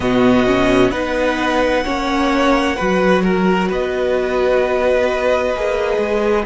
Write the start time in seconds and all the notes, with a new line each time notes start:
0.00 B2 B3 F#4 D#5
0.46 C#4
0.91 B3 D#4 B4 F#5
1.84 A#3 C#4 C#5
2.76 F#3 F#4 B4
3.23 A#4
3.68 B3 B4 D#5
5.54 A#3 G#4
5.97 G#3